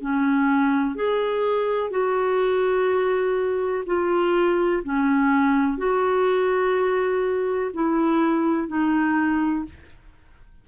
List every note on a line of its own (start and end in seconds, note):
0.00 0.95 C#4
0.95 1.90 G#4
1.90 3.84 F#4
3.86 4.83 F4
4.83 5.77 C#4
5.77 7.71 F#4
7.73 8.68 E4
8.68 9.65 D#4